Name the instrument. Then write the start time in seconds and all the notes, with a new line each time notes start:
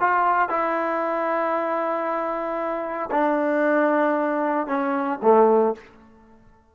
trombone
0.00 F4
0.49 E4
3.11 D4
4.67 C#4
5.22 A3